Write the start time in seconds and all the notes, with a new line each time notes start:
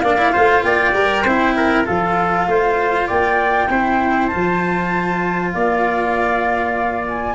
0.00 A#3 D4 D5 F5
0.18 E4
0.33 A3 F4 C5
0.63 A#3 D5 G5
0.93 G3 A#4
1.23 C4 E4 C5
1.56 A#4
1.84 F3 F4 A4 F5
2.47 A3 C5
3.08 A#3 D5 G5
3.70 C4 E4 C5
4.27 F4 A5
4.35 F3
5.52 A#3 D5 F5
7.09 G#5